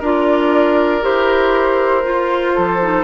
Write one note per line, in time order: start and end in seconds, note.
0.00 1.03 D4
0.00 1.02 F4
0.00 2.54 A#4
0.00 1.04 D5
1.02 2.05 E4
1.02 2.04 G4
1.02 3.04 C5
2.04 2.80 F4
2.04 2.57 F4
2.55 3.04 F3
2.55 3.04 A4
2.82 3.04 D#4